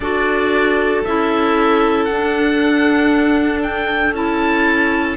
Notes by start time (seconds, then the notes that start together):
0.00 D4 F#4 A4 D5
1.04 C#4 E4 E5
2.05 D4 F#5
3.62 G5
4.13 C#4 E4 A5